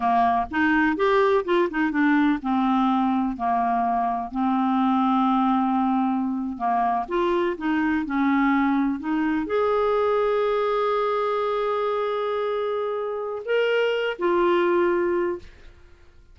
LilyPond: \new Staff \with { instrumentName = "clarinet" } { \time 4/4 \tempo 4 = 125 ais4 dis'4 g'4 f'8 dis'8 | d'4 c'2 ais4~ | ais4 c'2.~ | c'4.~ c'16 ais4 f'4 dis'16~ |
dis'8. cis'2 dis'4 gis'16~ | gis'1~ | gis'1 | ais'4. f'2~ f'8 | }